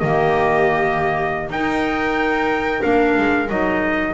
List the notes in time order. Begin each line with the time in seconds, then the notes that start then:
0.00 D#3 A#3 G4 D#5
1.50 D#4 A#4 G5
2.82 A#3 D4 F5
3.18 G#3
3.49 F#3 D#4 D#5